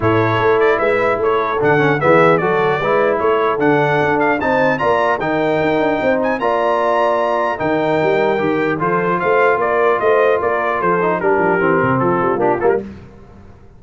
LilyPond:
<<
  \new Staff \with { instrumentName = "trumpet" } { \time 4/4 \tempo 4 = 150 cis''4. d''8 e''4 cis''4 | fis''4 e''4 d''2 | cis''4 fis''4. f''8 a''4 | ais''4 g''2~ g''8 gis''8 |
ais''2. g''4~ | g''2 c''4 f''4 | d''4 dis''4 d''4 c''4 | ais'2 a'4 g'8 a'16 ais'16 | }
  \new Staff \with { instrumentName = "horn" } { \time 4/4 a'2 b'4 a'4~ | a'4 gis'4 a'4 b'4 | a'2. c''4 | d''4 ais'2 c''4 |
d''2. ais'4~ | ais'2 a'4 c''4 | ais'4 c''4 ais'4 a'4 | g'2 f'2 | }
  \new Staff \with { instrumentName = "trombone" } { \time 4/4 e'1 | d'8 cis'8 b4 fis'4 e'4~ | e'4 d'2 dis'4 | f'4 dis'2. |
f'2. dis'4~ | dis'4 g'4 f'2~ | f'2.~ f'8 dis'8 | d'4 c'2 d'8 ais8 | }
  \new Staff \with { instrumentName = "tuba" } { \time 4/4 a,4 a4 gis4 a4 | d4 e4 fis4 gis4 | a4 d4 d'4 c'4 | ais4 dis4 dis'8 d'8 c'4 |
ais2. dis4 | g4 dis4 f4 a4 | ais4 a4 ais4 f4 | g8 f8 e8 c8 f8 g8 ais8 g8 | }
>>